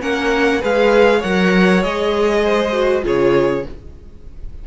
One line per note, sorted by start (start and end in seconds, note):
0.00 0.63 A#3
0.00 0.61 C#4
0.00 0.61 A#4
0.00 0.62 F#5
0.61 1.23 G#3
0.61 1.22 G#4
0.61 1.19 B4
0.61 1.22 F5
1.19 1.83 F#3
1.19 1.83 A#4
1.19 2.40 C#5
1.19 1.83 F#5
1.83 3.04 G#3
1.83 2.73 G#4
1.83 3.04 D#5
2.44 3.04 C5
2.73 3.02 F#4
3.02 3.65 C#3
3.02 3.63 F4
3.02 3.65 G#4
3.02 3.67 C#5